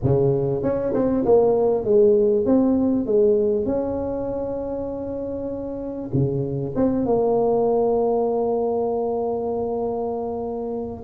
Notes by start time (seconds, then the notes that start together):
0.03 C#3
0.62 C#4
0.94 C4
1.25 A#3
1.84 G#3
2.45 C4
3.06 G#3
3.65 C#4
6.13 C#3
6.75 C4
7.05 A#3